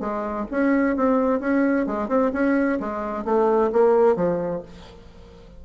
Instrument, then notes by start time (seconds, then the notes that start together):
bassoon
0.00 G#3
0.51 C#4
0.96 C4
1.40 C#4
1.87 G#3
2.09 C4
2.33 C#4
2.80 G#3
3.25 A3
3.72 A#3
4.16 F3